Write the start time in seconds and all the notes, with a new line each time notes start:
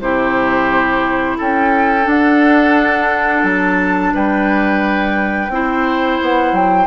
0.00 C3 E4 G4 C5
1.38 C#4 A4 G5
2.02 D4
2.09 F#5
3.44 F#3 A5
4.14 G3 B4 G5
5.49 C4 E4 C5
6.22 B3 F#5
6.52 F#3 G5